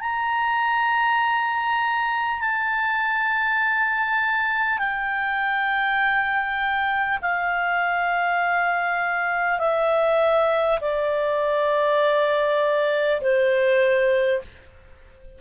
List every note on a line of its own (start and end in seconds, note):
0.00 2.39 A#5
2.39 4.78 A5
4.78 7.18 G5
7.21 9.58 F5
9.58 10.78 E5
10.81 13.21 D5
13.21 14.41 C5